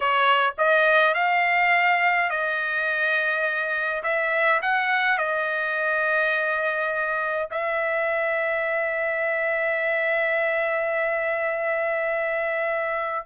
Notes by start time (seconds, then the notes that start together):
0.00 C#5
0.58 D#5
1.14 F5
2.29 D#5
4.03 E5
4.62 F#5
5.18 D#5
7.50 E5